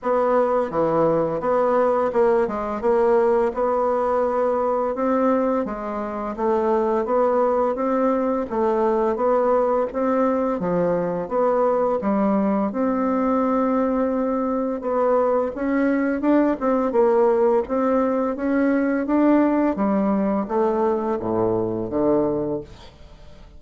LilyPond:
\new Staff \with { instrumentName = "bassoon" } { \time 4/4 \tempo 4 = 85 b4 e4 b4 ais8 gis8 | ais4 b2 c'4 | gis4 a4 b4 c'4 | a4 b4 c'4 f4 |
b4 g4 c'2~ | c'4 b4 cis'4 d'8 c'8 | ais4 c'4 cis'4 d'4 | g4 a4 a,4 d4 | }